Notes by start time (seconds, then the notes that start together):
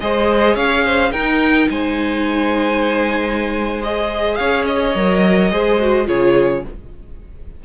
0.00 G#3 G#4 C5 D#5
0.55 C#4 C#5 F5
0.85 C5
1.11 D#4 A#4 G5
1.69 G#3 C5 G#5
3.82 G#4 D#5
4.36 C#4 C#5 F5
4.65 D#5
4.95 F#3 A#4
5.51 G#3 G#4 C5
5.80 F#4
6.06 C#3 F4 G#4 C#5